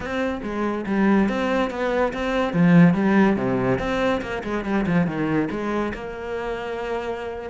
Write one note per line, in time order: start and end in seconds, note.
0.00 0.41 C4
0.42 0.85 G#3
0.86 1.28 G3
1.28 1.70 C4
1.70 2.12 B3
2.13 2.53 C4
2.53 2.94 F3
2.94 3.36 G3
3.36 3.78 C3
3.78 4.21 C4
4.21 4.42 A#3
4.43 4.64 G#3
4.64 4.85 G3
4.86 5.06 F3
5.06 5.49 D#3
5.50 5.93 G#3
5.94 7.49 A#3